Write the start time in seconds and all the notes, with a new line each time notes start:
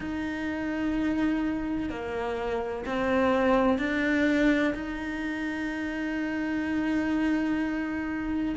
0.00 D#4
1.89 A#3
2.85 C4
3.78 D4
4.74 D#4